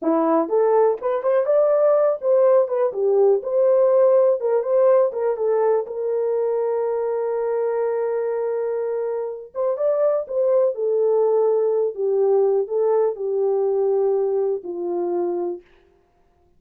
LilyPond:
\new Staff \with { instrumentName = "horn" } { \time 4/4 \tempo 4 = 123 e'4 a'4 b'8 c''8 d''4~ | d''8 c''4 b'8 g'4 c''4~ | c''4 ais'8 c''4 ais'8 a'4 | ais'1~ |
ais'2.~ ais'8 c''8 | d''4 c''4 a'2~ | a'8 g'4. a'4 g'4~ | g'2 f'2 | }